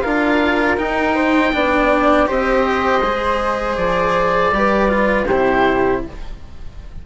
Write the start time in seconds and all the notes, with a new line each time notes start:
0.00 D4 F4 A#4 F5
0.77 D#4 G5
1.14 C5
1.52 B3 D4 D5
2.26 C4 G4 C5 D#5
3.02 G#3 G#4
3.76 F3 D5
4.51 G3 G4 B4
4.88 F4
5.26 C3 E4 G4 C5